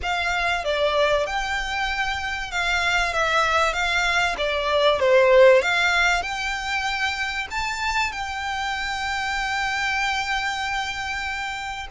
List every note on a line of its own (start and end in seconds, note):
0.02 0.64 F5
0.64 1.26 D5
1.26 2.51 G5
2.51 3.13 F5
3.13 3.73 E5
3.73 4.35 F5
4.38 4.99 D5
4.99 5.62 C5
5.62 6.22 F5
6.22 7.47 G5
7.50 8.12 A5
8.12 11.87 G5